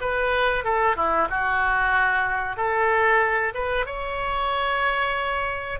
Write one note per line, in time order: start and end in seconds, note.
0.00 0.64 B4
0.64 0.96 A4
0.96 1.28 E4
1.29 2.56 F#4
2.56 3.53 A4
3.54 3.85 B4
3.85 5.79 C#5